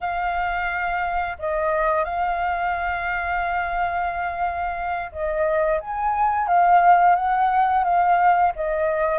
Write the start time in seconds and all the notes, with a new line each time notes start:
0.00 F5
1.38 D#5
2.04 F5
5.11 D#5
5.80 G#5
6.47 F5
7.15 F#5
7.84 F5
8.55 D#5